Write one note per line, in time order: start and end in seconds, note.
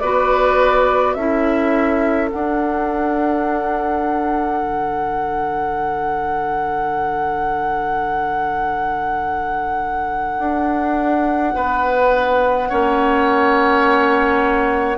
0.00 1.16 B3
0.00 1.18 F#4
0.00 1.17 B4
0.00 1.14 D5
1.14 2.31 C#4
1.14 2.31 E4
1.14 11.55 A4
1.14 2.30 E5
2.31 12.69 D4
2.31 4.63 D4
2.31 14.98 F#5
4.63 10.39 D3
10.39 11.54 D4
11.56 12.71 B3
11.56 12.70 B4
12.70 14.98 A#3
12.70 14.98 C#4
12.70 14.98 C#5